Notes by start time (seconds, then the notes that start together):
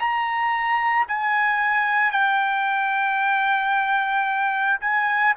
0.00 A#5
1.09 G#5
2.12 G5
4.81 G#5